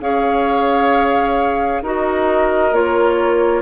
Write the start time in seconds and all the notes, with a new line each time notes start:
0.00 C#4 G#4 C#5 F5
1.82 D#4 F#4 A#4 D#5
2.72 A#3 F4 C#5